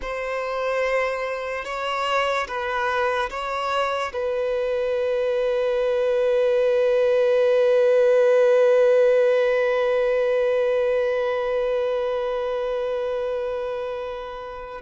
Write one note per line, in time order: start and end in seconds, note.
0.01 1.64 C5
1.64 2.47 C#5
2.47 3.29 B4
3.30 4.12 C#5
4.13 14.81 B4